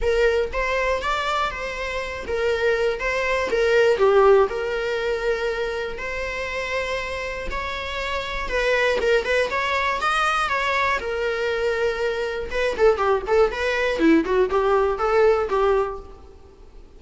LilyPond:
\new Staff \with { instrumentName = "viola" } { \time 4/4 \tempo 4 = 120 ais'4 c''4 d''4 c''4~ | c''8 ais'4. c''4 ais'4 | g'4 ais'2. | c''2. cis''4~ |
cis''4 b'4 ais'8 b'8 cis''4 | dis''4 cis''4 ais'2~ | ais'4 b'8 a'8 g'8 a'8 b'4 | e'8 fis'8 g'4 a'4 g'4 | }